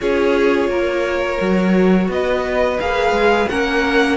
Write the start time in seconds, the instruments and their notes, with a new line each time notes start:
0.00 cello C#4, viola F4, violin G#4 C#5
0.68 cello A#3, violin A#4
1.40 cello F#3, viola F#4
2.08 cello B3, violin B4 D#5
2.80 cello A#3, viola G#4, violin F5
3.11 cello G#3
3.48 cello A#3, viola C#4, violin A#4 F#5